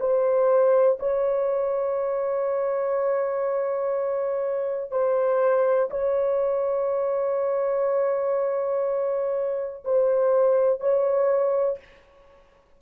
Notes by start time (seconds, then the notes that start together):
0.00 C5
0.99 C#5
4.91 C5
5.90 C#5
9.85 C5
10.80 C#5